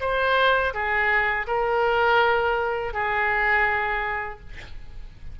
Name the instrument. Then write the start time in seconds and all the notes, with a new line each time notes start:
oboe
0.00 C5
0.74 G#4
1.47 A#4
2.93 G#4